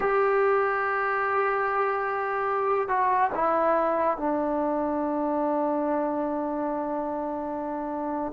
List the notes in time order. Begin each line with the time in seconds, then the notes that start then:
0.00 G4
2.88 F#4
3.34 E4
4.17 D4